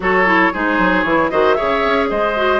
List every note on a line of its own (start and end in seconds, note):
0.00 0.50 F#3
0.00 0.26 F#4
0.00 0.52 A4
0.00 0.53 C#5
0.26 0.52 E4
0.52 0.78 G#3
0.52 1.06 D#4
0.52 1.31 G#4
0.52 1.02 C5
0.78 1.04 F#3
1.02 1.30 E3
1.02 1.31 E4
1.02 1.29 C#5
1.29 1.57 D#3
1.29 1.56 F#4
1.29 1.56 C5
1.29 1.53 D#5
1.53 2.35 G#4
1.53 2.08 C#5
1.53 2.05 E5
1.61 1.84 C#3
1.84 2.10 C#4
2.09 2.60 G#3
2.09 2.60 C5
2.09 2.60 D#5
2.36 2.60 F#4